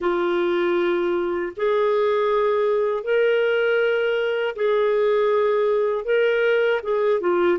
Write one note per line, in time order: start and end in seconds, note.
0.00 1.52 F4
1.56 3.03 G#4
3.03 4.55 A#4
4.55 6.04 G#4
6.04 6.80 A#4
6.82 7.20 G#4
7.20 7.58 F4